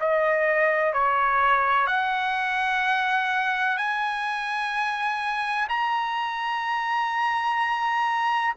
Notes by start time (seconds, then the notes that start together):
0.00 D#5
0.94 C#5
1.87 F#5
3.77 G#5
5.69 A#5